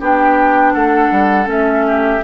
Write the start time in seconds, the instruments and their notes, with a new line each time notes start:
0.00 bassoon B3, clarinet D4, oboe G4, flute G5
0.73 bassoon A3, oboe A4, flute F#5
1.11 bassoon G3
1.45 bassoon A3, clarinet C#4, flute E5
1.87 oboe G4